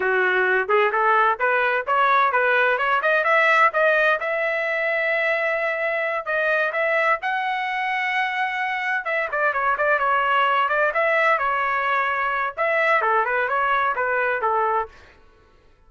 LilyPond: \new Staff \with { instrumentName = "trumpet" } { \time 4/4 \tempo 4 = 129 fis'4. gis'8 a'4 b'4 | cis''4 b'4 cis''8 dis''8 e''4 | dis''4 e''2.~ | e''4. dis''4 e''4 fis''8~ |
fis''2.~ fis''8 e''8 | d''8 cis''8 d''8 cis''4. d''8 e''8~ | e''8 cis''2~ cis''8 e''4 | a'8 b'8 cis''4 b'4 a'4 | }